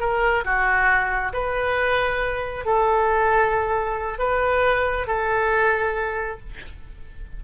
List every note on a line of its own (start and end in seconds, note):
0.00 0.44 A#4
0.44 1.33 F#4
1.33 2.65 B4
2.65 4.19 A4
4.19 5.07 B4
5.07 6.39 A4